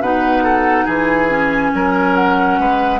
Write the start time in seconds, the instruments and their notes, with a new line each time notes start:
0.00 bassoon B2, clarinet D#4, oboe B4, flute F#5
0.43 oboe A4
0.85 bassoon E3, oboe G#4, flute G#5
1.29 clarinet C#4
1.74 bassoon F#3, oboe A#4
2.15 flute F#5
2.59 bassoon G#3, oboe B4